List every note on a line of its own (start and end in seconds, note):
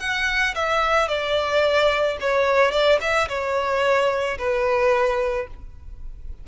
0.00 0.55 F#5
0.55 1.08 E5
1.08 2.17 D5
2.21 2.72 C#5
2.72 2.99 D5
3.01 3.28 E5
3.29 4.38 C#5
4.38 5.47 B4